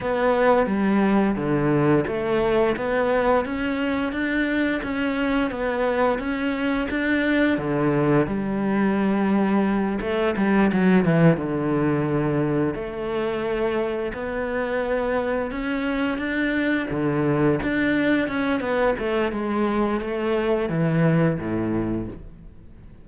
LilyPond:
\new Staff \with { instrumentName = "cello" } { \time 4/4 \tempo 4 = 87 b4 g4 d4 a4 | b4 cis'4 d'4 cis'4 | b4 cis'4 d'4 d4 | g2~ g8 a8 g8 fis8 |
e8 d2 a4.~ | a8 b2 cis'4 d'8~ | d'8 d4 d'4 cis'8 b8 a8 | gis4 a4 e4 a,4 | }